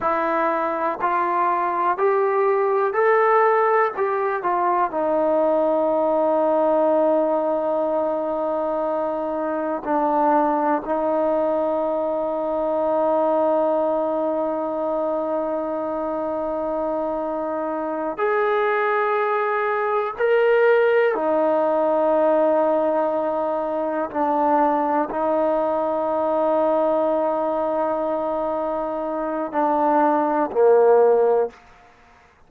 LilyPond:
\new Staff \with { instrumentName = "trombone" } { \time 4/4 \tempo 4 = 61 e'4 f'4 g'4 a'4 | g'8 f'8 dis'2.~ | dis'2 d'4 dis'4~ | dis'1~ |
dis'2~ dis'8 gis'4.~ | gis'8 ais'4 dis'2~ dis'8~ | dis'8 d'4 dis'2~ dis'8~ | dis'2 d'4 ais4 | }